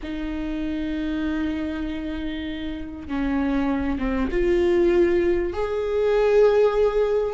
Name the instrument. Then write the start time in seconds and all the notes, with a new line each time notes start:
viola
0.03 D#4
3.08 C#4
3.98 C4
4.31 F4
5.53 G#4